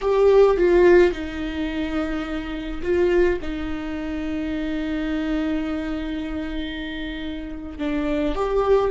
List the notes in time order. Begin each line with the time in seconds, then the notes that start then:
0.01 G4
0.57 F4
1.11 D#4
2.82 F4
3.41 D#4
7.78 D4
8.35 G4